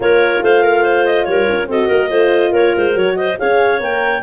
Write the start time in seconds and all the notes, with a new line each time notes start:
0.00 A#3 F4 A#4 C#5
0.41 A3 C5 F5
0.62 A#4
0.83 C5
1.05 D#5
1.24 G3 A#4 C#5
1.48 C#4
1.67 C4 F#4 A4 D#5
1.87 A#3 A#4
2.09 A3 F4 C5
2.51 A#3 A#4 C#5
2.76 G#3 C5
2.92 F#3 F#4 C#5
3.16 C5 D#5
3.38 C#4 G#4 C#5 F5
3.79 A#3 A#4 G5